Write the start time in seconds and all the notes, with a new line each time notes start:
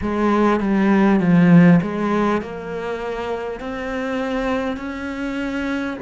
0.01 G#3
0.60 G3
1.20 F3
1.82 G#3
2.41 A#3
3.59 C4
4.76 C#4